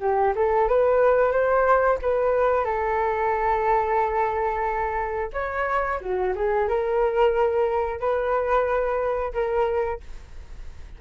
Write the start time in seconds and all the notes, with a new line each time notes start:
0.00 G4
0.35 A4
0.68 B4
1.31 C5
2.01 B4
2.64 A4
5.33 C#5
6.00 F#4
6.35 G#4
6.68 A#4
7.99 B4
9.33 A#4